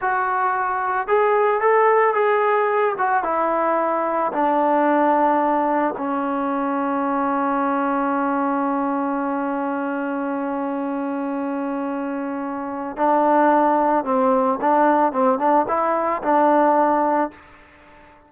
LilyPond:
\new Staff \with { instrumentName = "trombone" } { \time 4/4 \tempo 4 = 111 fis'2 gis'4 a'4 | gis'4. fis'8 e'2 | d'2. cis'4~ | cis'1~ |
cis'1~ | cis'1 | d'2 c'4 d'4 | c'8 d'8 e'4 d'2 | }